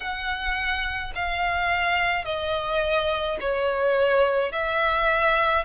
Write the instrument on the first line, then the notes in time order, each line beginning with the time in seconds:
violin
0.00 F#5
1.15 F5
2.24 D#5
3.40 C#5
4.51 E5